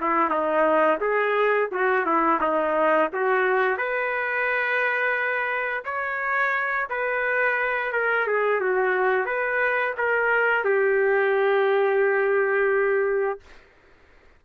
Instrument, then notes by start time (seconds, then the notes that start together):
trumpet
0.00 E4
0.30 D#4
1.00 G#4
1.72 F#4
2.06 E4
2.41 D#4
3.13 F#4
3.77 B4
5.85 C#5
6.89 B4
7.92 A#4
8.27 G#4
8.61 F#4
9.26 B4
9.97 A#4
10.64 G4